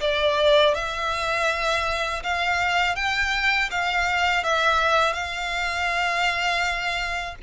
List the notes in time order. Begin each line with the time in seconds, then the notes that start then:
0.00 D5
0.74 E5
2.23 F5
2.95 G5
3.71 F5
4.43 E5
5.13 F5